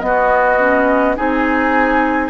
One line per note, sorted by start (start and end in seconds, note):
0.00 0.58 B3
0.00 1.17 B3
0.00 1.16 D#5
0.06 1.16 F#4
0.59 1.16 C#4
1.16 2.30 C4
1.16 2.30 D#4
1.16 2.30 G#4
1.16 2.30 G#5